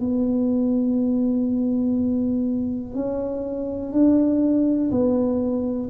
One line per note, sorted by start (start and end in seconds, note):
0.00 2.95 B3
2.95 3.93 C#4
3.93 4.91 D4
4.91 5.90 B3